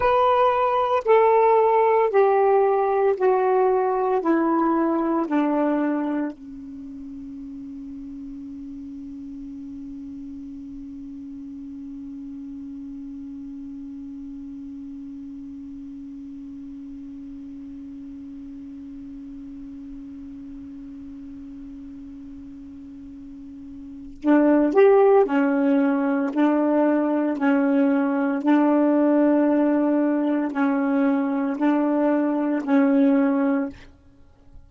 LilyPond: \new Staff \with { instrumentName = "saxophone" } { \time 4/4 \tempo 4 = 57 b'4 a'4 g'4 fis'4 | e'4 d'4 cis'2~ | cis'1~ | cis'1~ |
cis'1~ | cis'2. d'8 g'8 | cis'4 d'4 cis'4 d'4~ | d'4 cis'4 d'4 cis'4 | }